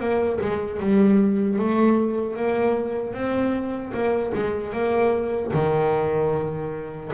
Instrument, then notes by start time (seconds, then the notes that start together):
double bass
0.00 A#3
0.42 G#3
0.80 G3
1.59 A3
2.36 A#3
3.14 C4
3.94 A#3
4.35 G#3
4.73 A#3
5.54 D#3